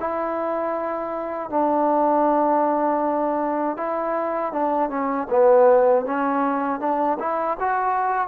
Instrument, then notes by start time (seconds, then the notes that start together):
trombone
0.00 E4
1.50 D4
3.77 E4
4.53 D4
4.90 C#4
5.30 B3
6.05 C#4
6.80 D4
7.19 E4
7.60 F#4